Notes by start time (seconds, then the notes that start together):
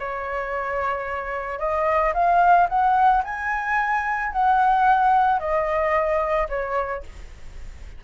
0.00 C#5
1.59 D#5
2.14 F5
2.69 F#5
3.24 G#5
4.32 F#5
5.40 D#5
6.49 C#5